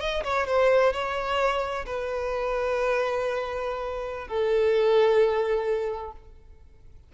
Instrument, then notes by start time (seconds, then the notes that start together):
violin
0.00 D#5
0.23 C#5
0.47 C5
0.93 C#5
1.86 B4
4.27 A4